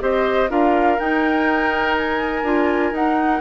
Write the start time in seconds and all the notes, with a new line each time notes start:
0.00 C4 G4 C5 D#5
0.49 D4 F4 A#4 F5
0.99 D#4 G5
1.97 G#5
2.43 D4 F4
2.91 D#4 F#5